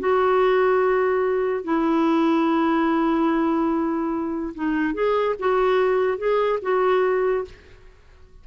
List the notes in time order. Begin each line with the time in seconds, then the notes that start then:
0.00 F#4
1.65 E4
4.55 D#4
4.94 G#4
5.40 F#4
6.18 G#4
6.62 F#4